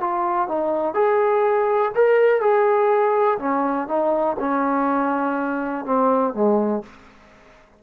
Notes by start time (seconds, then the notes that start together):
0.00 F4
0.48 D#4
0.94 G#4
1.95 A#4
2.41 G#4
3.39 C#4
3.88 D#4
4.39 C#4
5.85 C4
6.34 G#3